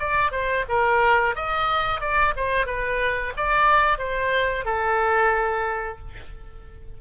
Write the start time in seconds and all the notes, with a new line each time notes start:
0.00 D5
0.32 C5
0.69 A#4
1.36 D#5
2.01 D5
2.36 C5
2.67 B4
3.37 D5
3.99 C5
4.65 A4